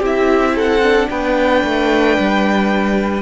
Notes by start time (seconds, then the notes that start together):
0.00 C4 E4 G4 E5
0.56 A4 F#5
0.82 D4
1.10 B3 B4 G5
1.64 A3
2.19 G3